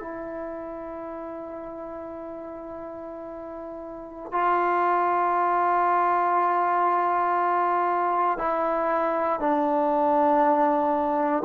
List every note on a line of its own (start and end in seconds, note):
0.00 4.31 E4
4.31 8.38 F4
8.38 9.39 E4
9.39 11.43 D4